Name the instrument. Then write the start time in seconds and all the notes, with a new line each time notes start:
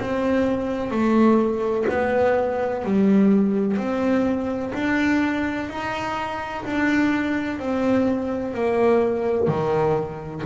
double bass
0.00 C4
0.91 A3
1.89 B3
2.84 G3
3.77 C4
4.74 D4
5.69 D#4
6.65 D4
7.60 C4
8.54 A#3
9.48 D#3